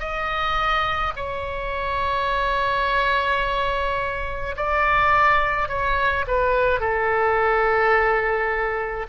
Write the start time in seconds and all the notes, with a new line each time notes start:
0.00 D#5
1.16 C#5
4.57 D5
5.69 C#5
6.27 B4
6.80 A4